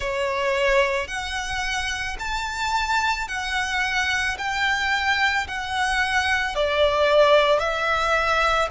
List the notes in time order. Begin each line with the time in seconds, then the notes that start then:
0.00 C#5
1.07 F#5
2.19 A5
3.28 F#5
4.38 G5
5.47 F#5
6.55 D5
7.59 E5